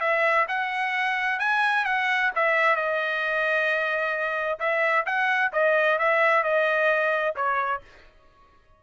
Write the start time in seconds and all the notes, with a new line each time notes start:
0.00 E5
0.48 F#5
1.39 G#5
1.85 F#5
2.35 E5
2.76 D#5
4.59 E5
5.05 F#5
5.53 D#5
5.99 E5
6.43 D#5
7.36 C#5